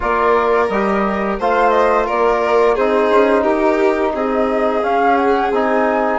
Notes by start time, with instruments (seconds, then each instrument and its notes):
0.00 bassoon A#3, trombone F4, violin A#4, flute D5
0.68 bassoon G3, trombone G4, flute D#5
1.39 bassoon A3, trombone F4, violin C5, flute F5
1.70 flute D#5
2.05 bassoon A#3, violin A#4, flute D5
2.74 bassoon C4, trombone D#4, violin G#4, flute C5
3.10 bassoon C#4
3.43 bassoon D#4, violin G4, flute A#4
4.14 bassoon C4, violin G#4, flute D#5
4.82 trombone C#4, bassoon C#4, flute F5
5.16 flute F#5
5.50 bassoon C4, trombone D#4, flute G#5